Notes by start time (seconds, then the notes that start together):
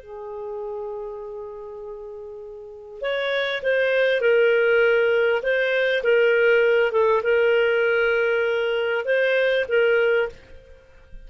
0.00 G#4
3.01 C#5
3.63 C5
4.21 A#4
5.42 C5
6.03 A#4
6.92 A4
7.23 A#4
9.05 C5
9.68 A#4